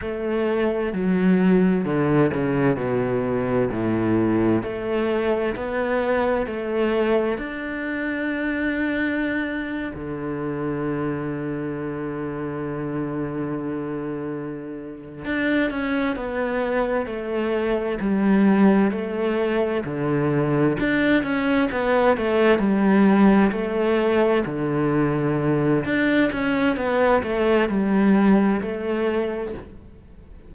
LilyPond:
\new Staff \with { instrumentName = "cello" } { \time 4/4 \tempo 4 = 65 a4 fis4 d8 cis8 b,4 | a,4 a4 b4 a4 | d'2~ d'8. d4~ d16~ | d1~ |
d8 d'8 cis'8 b4 a4 g8~ | g8 a4 d4 d'8 cis'8 b8 | a8 g4 a4 d4. | d'8 cis'8 b8 a8 g4 a4 | }